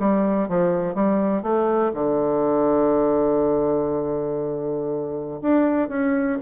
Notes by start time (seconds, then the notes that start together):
0.00 G3
0.49 F3
0.95 G3
1.43 A3
1.94 D3
5.42 D4
5.89 C#4